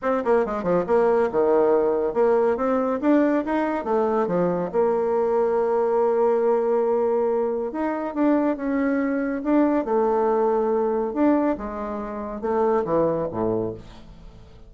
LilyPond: \new Staff \with { instrumentName = "bassoon" } { \time 4/4 \tempo 4 = 140 c'8 ais8 gis8 f8 ais4 dis4~ | dis4 ais4 c'4 d'4 | dis'4 a4 f4 ais4~ | ais1~ |
ais2 dis'4 d'4 | cis'2 d'4 a4~ | a2 d'4 gis4~ | gis4 a4 e4 a,4 | }